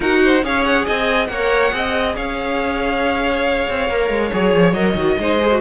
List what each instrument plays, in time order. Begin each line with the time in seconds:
0.00 cello D#4, viola F#4, violin A#4 F#5
0.23 violin C5
0.43 cello C#4, viola G#4, violin C#5 F5
0.64 violin F#5
0.85 cello C4, violin D#5 G#5
1.26 cello A#3, violin C#5 F#5
1.33 viola A#4
1.71 cello C4, viola G#4, violin D#5
2.16 cello C#4, violin C#5 F5
3.69 cello C4
3.89 cello A#3, viola A#4
4.09 cello G#3
4.31 cello F#3, viola G#4, violin C#5
4.54 cello F3
4.72 cello F#3, viola A#4, violin D#5
4.95 cello D#3, viola F#4
5.18 cello G#3, viola D#4, violin C5
5.39 viola G#4
5.51 viola F#4